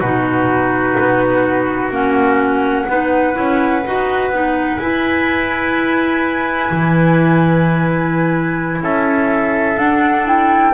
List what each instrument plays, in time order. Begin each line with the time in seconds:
0.00 double bass B2, clarinet D#4, trumpet F#4, flute B4
1.00 double bass B3
1.90 double bass A#3, clarinet C#4, flute F#5
2.89 double bass B3, clarinet D#4, trumpet B4
3.34 double bass C#4, clarinet E4
3.86 double bass D#4, clarinet F#4
4.30 double bass B3, clarinet D#4
4.79 double bass E4, clarinet E4, flute G#5
6.70 double bass E3
8.81 double bass C#4, trumpet A4, flute E5
9.78 double bass D4, clarinet D4, flute F#5
10.25 clarinet E4, flute G5